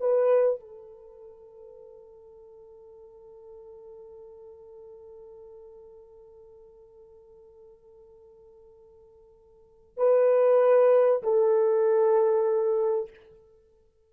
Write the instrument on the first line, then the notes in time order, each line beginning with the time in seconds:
horn
0.00 B4
0.60 A4
9.97 B4
11.22 A4